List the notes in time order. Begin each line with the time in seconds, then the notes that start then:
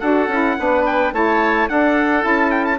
0.00 D4 F#4 A4 F#5
0.28 C#4 E4
0.58 B3 D4 B4
0.86 G5
1.12 A3 E4 C#5 A5
1.69 D4 A4 F#5
2.21 C#4 E4 A5
2.51 G5
2.65 A5